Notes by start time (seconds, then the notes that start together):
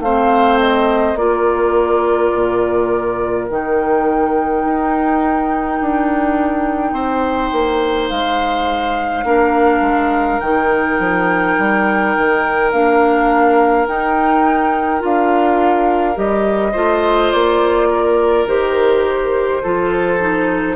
0.00 A3 C4 C5 F5
0.60 D#5
1.15 A#3 F4 A#4 D5
2.35 A#2
3.48 D#3 D#4 G5
4.65 D#4
5.81 D4
6.93 C4 C5
7.52 A#3
8.09 G#3 F5
9.24 A#3 D4 A#4
9.81 G#3
10.40 D#3 D#4 G5
10.99 F3
11.58 G3
12.17 D#3
12.71 A#3 D4 F5
13.87 D#4 G5
15.00 D4 F4 F5
16.15 G3 G4 D#5
16.72 A3 F4 C5
17.32 A#3 D5
17.90 A#4
18.46 D#3 G4 C5
19.63 F3 F4 A4
20.20 D#4